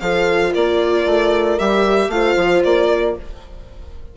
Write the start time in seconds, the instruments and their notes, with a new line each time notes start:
0.00 bassoon F3, viola F4, horn A4, violin F5
0.52 bassoon A#3, horn A#4, violin D5
1.06 bassoon A3
1.59 bassoon G3, viola G4, violin E5
2.08 bassoon A3, viola F4, horn C5, violin F5
2.37 bassoon F3
2.64 bassoon A#3, violin D5
2.89 horn A#4